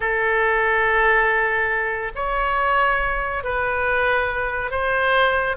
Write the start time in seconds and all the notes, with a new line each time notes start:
0.00 A4
2.15 C#5
3.43 B4
4.70 C5